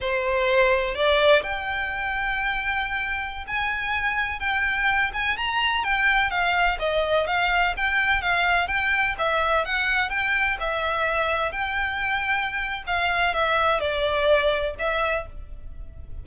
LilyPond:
\new Staff \with { instrumentName = "violin" } { \time 4/4 \tempo 4 = 126 c''2 d''4 g''4~ | g''2.~ g''16 gis''8.~ | gis''4~ gis''16 g''4. gis''8 ais''8.~ | ais''16 g''4 f''4 dis''4 f''8.~ |
f''16 g''4 f''4 g''4 e''8.~ | e''16 fis''4 g''4 e''4.~ e''16~ | e''16 g''2~ g''8. f''4 | e''4 d''2 e''4 | }